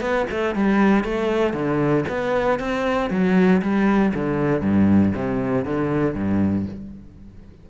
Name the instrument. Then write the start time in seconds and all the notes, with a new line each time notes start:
cello
0.00 B3
0.30 A3
0.55 G3
1.04 A3
1.53 D3
2.08 B3
2.59 C4
3.10 F#3
3.62 G3
4.14 D3
4.61 G2
5.15 C3
5.65 D3
6.14 G2